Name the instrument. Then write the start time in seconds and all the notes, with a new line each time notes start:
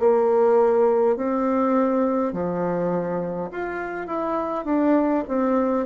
bassoon
0.00 A#3
1.17 C4
2.33 F3
3.51 F4
4.07 E4
4.65 D4
5.28 C4